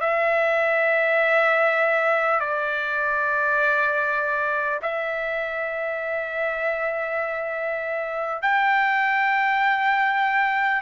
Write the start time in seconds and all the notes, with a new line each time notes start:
0.00 E5
2.40 D5
4.82 E5
8.42 G5